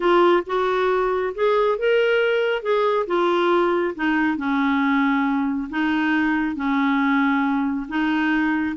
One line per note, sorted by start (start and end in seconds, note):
0.00 0.43 F4
0.46 1.33 F#4
1.34 1.78 G#4
1.78 2.62 A#4
2.62 3.06 G#4
3.06 3.94 F4
3.95 4.37 D#4
4.37 5.68 C#4
5.70 6.55 D#4
6.55 7.87 C#4
7.88 8.76 D#4